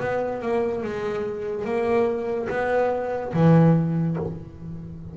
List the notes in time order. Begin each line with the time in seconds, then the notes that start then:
0.00 B3
0.42 A#3
0.83 G#3
1.65 A#3
2.49 B3
3.33 E3